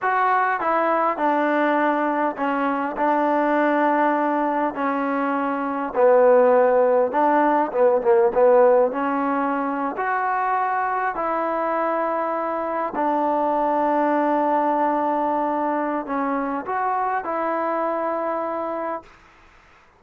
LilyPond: \new Staff \with { instrumentName = "trombone" } { \time 4/4 \tempo 4 = 101 fis'4 e'4 d'2 | cis'4 d'2. | cis'2 b2 | d'4 b8 ais8 b4 cis'4~ |
cis'8. fis'2 e'4~ e'16~ | e'4.~ e'16 d'2~ d'16~ | d'2. cis'4 | fis'4 e'2. | }